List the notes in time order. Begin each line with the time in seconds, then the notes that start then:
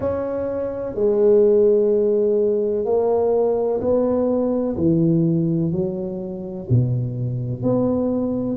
0.00 C#4
0.94 G#3
2.85 A#3
3.81 B3
4.76 E3
5.71 F#3
6.69 B2
7.62 B3